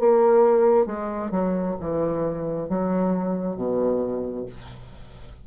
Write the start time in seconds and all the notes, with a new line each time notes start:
0.00 A#3
0.87 G#3
1.31 F#3
1.80 E3
2.69 F#3
3.57 B2